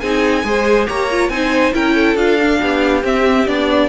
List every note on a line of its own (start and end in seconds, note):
0.00 0.44 C4
0.00 0.45 D#4
0.00 0.44 G#4
0.00 0.86 G#5
0.44 0.87 G#3
0.44 0.87 G#4
0.44 0.88 C5
0.87 1.29 A#3
0.87 1.09 G4
0.87 1.31 C#5
0.87 1.29 A#5
1.11 1.31 F4
1.29 1.72 C4
1.29 1.73 D#4
1.29 1.75 C5
1.29 1.73 G#5
1.73 2.15 C#4
1.73 2.16 E4
1.73 1.95 A#4
1.73 2.17 G5
1.95 2.60 A4
2.15 2.58 D4
2.15 2.38 F4
2.15 3.03 F5
2.41 3.02 D4
2.60 3.04 B3
2.60 3.89 G4
3.02 3.45 C4
3.02 3.47 C4
3.02 3.48 E5
3.47 3.89 B3
3.47 3.89 D4
3.47 3.89 D5